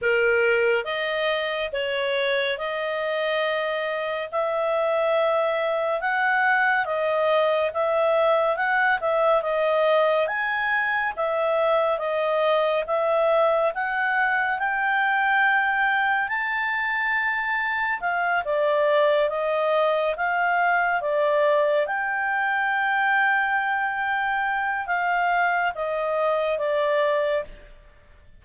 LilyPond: \new Staff \with { instrumentName = "clarinet" } { \time 4/4 \tempo 4 = 70 ais'4 dis''4 cis''4 dis''4~ | dis''4 e''2 fis''4 | dis''4 e''4 fis''8 e''8 dis''4 | gis''4 e''4 dis''4 e''4 |
fis''4 g''2 a''4~ | a''4 f''8 d''4 dis''4 f''8~ | f''8 d''4 g''2~ g''8~ | g''4 f''4 dis''4 d''4 | }